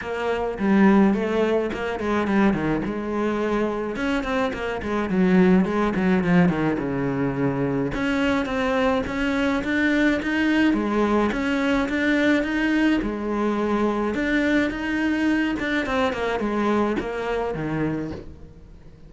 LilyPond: \new Staff \with { instrumentName = "cello" } { \time 4/4 \tempo 4 = 106 ais4 g4 a4 ais8 gis8 | g8 dis8 gis2 cis'8 c'8 | ais8 gis8 fis4 gis8 fis8 f8 dis8 | cis2 cis'4 c'4 |
cis'4 d'4 dis'4 gis4 | cis'4 d'4 dis'4 gis4~ | gis4 d'4 dis'4. d'8 | c'8 ais8 gis4 ais4 dis4 | }